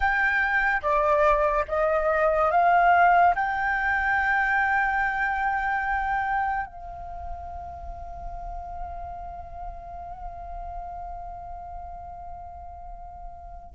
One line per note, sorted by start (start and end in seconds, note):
0.00 0.81 G5
0.81 1.65 D5
1.67 2.51 D#5
2.51 3.34 F5
3.35 6.66 G5
6.66 13.74 F5